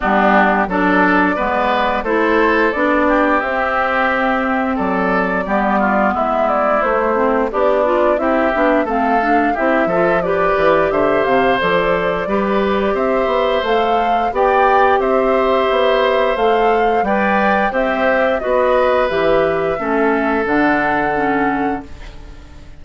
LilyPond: <<
  \new Staff \with { instrumentName = "flute" } { \time 4/4 \tempo 4 = 88 g'4 d''2 c''4 | d''4 e''2 d''4~ | d''4 e''8 d''8 c''4 d''4 | e''4 f''4 e''4 d''4 |
e''8 f''8 d''2 e''4 | f''4 g''4 e''2 | f''4 g''4 e''4 dis''4 | e''2 fis''2 | }
  \new Staff \with { instrumentName = "oboe" } { \time 4/4 d'4 a'4 b'4 a'4~ | a'8 g'2~ g'8 a'4 | g'8 f'8 e'2 d'4 | g'4 a'4 g'8 a'8 b'4 |
c''2 b'4 c''4~ | c''4 d''4 c''2~ | c''4 d''4 g'4 b'4~ | b'4 a'2. | }
  \new Staff \with { instrumentName = "clarinet" } { \time 4/4 b4 d'4 b4 e'4 | d'4 c'2. | b2 a8 c'8 g'8 f'8 | e'8 d'8 c'8 d'8 e'8 f'8 g'4~ |
g'4 a'4 g'2 | a'4 g'2. | a'4 b'4 c''4 fis'4 | g'4 cis'4 d'4 cis'4 | }
  \new Staff \with { instrumentName = "bassoon" } { \time 4/4 g4 fis4 gis4 a4 | b4 c'2 fis4 | g4 gis4 a4 b4 | c'8 b8 a4 c'8 f4 e8 |
d8 c8 f4 g4 c'8 b8 | a4 b4 c'4 b4 | a4 g4 c'4 b4 | e4 a4 d2 | }
>>